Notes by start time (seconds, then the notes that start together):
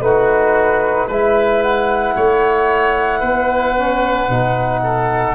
0.00 A3 D#4 F#4 B4
1.07 G#3 E4 B4 E5
1.62 F#5
2.16 A3 C#5
3.20 B3 B4
3.77 C#4
4.29 B2 D#4
4.83 A4